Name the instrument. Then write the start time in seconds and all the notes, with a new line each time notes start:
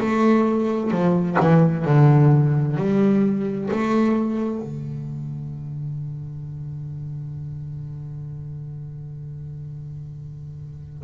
double bass
0.00 A3
0.91 F3
1.41 E3
1.85 D3
2.77 G3
3.71 A3
4.62 D3